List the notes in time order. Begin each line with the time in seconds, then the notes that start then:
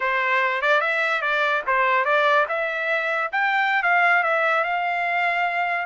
0.00 C5
0.61 D5
0.81 E5
1.21 D5
1.66 C5
2.05 D5
2.48 E5
3.32 G5
3.82 F5
4.23 E5
4.63 F5